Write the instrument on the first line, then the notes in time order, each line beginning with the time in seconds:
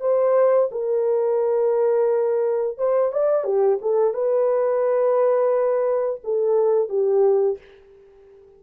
horn
0.00 C5
0.71 A#4
2.78 C5
3.12 D5
3.44 G4
3.81 A4
4.14 B4
6.24 A4
6.89 G4